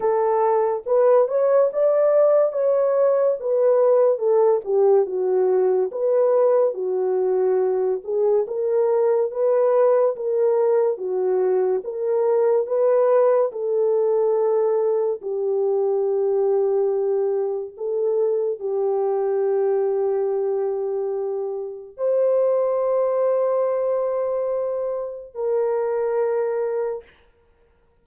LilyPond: \new Staff \with { instrumentName = "horn" } { \time 4/4 \tempo 4 = 71 a'4 b'8 cis''8 d''4 cis''4 | b'4 a'8 g'8 fis'4 b'4 | fis'4. gis'8 ais'4 b'4 | ais'4 fis'4 ais'4 b'4 |
a'2 g'2~ | g'4 a'4 g'2~ | g'2 c''2~ | c''2 ais'2 | }